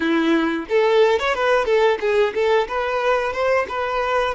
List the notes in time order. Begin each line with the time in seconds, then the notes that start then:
0.00 E4
0.68 A4
1.18 C#5
1.34 B4
1.65 A4
2.00 G#4
2.34 A4
2.68 B4
3.32 C5
3.68 B4